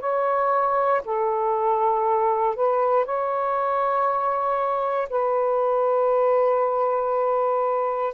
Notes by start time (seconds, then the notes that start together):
0.00 C#5
1.05 A4
2.56 B4
3.05 C#5
5.10 B4